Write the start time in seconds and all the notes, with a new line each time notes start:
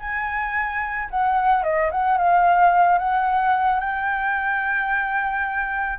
0.00 G#5
1.11 F#5
1.64 D#5
1.91 F#5
2.18 F5
2.99 F#5
3.81 G5